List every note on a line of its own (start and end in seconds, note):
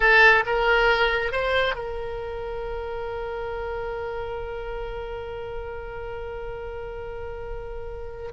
0.00 0.44 A4
0.46 1.31 A#4
1.31 1.75 C5
1.75 8.32 A#4